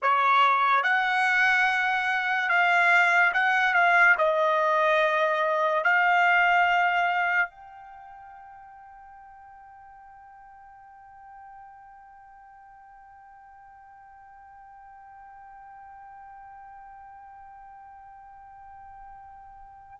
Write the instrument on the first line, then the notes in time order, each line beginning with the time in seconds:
trumpet
0.02 C#5
0.83 F#5
2.48 F5
3.33 F#5
3.73 F5
4.18 D#5
5.84 F5
7.50 G5